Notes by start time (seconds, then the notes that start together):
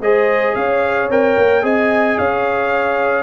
0.00 G#3 G#4 C5 D#5
0.55 C#4 C#5 F5
1.10 C4 A#4 G5
1.37 A#3
1.62 C4 G#4 D#5 G#5
2.18 C#4 C#5 F5